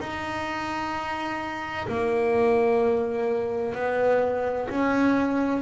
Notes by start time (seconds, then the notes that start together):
0.00 D#4
1.87 A#3
3.75 B3
4.70 C#4